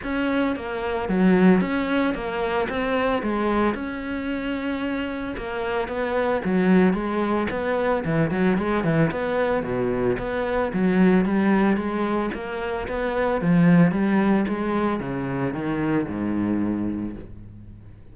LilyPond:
\new Staff \with { instrumentName = "cello" } { \time 4/4 \tempo 4 = 112 cis'4 ais4 fis4 cis'4 | ais4 c'4 gis4 cis'4~ | cis'2 ais4 b4 | fis4 gis4 b4 e8 fis8 |
gis8 e8 b4 b,4 b4 | fis4 g4 gis4 ais4 | b4 f4 g4 gis4 | cis4 dis4 gis,2 | }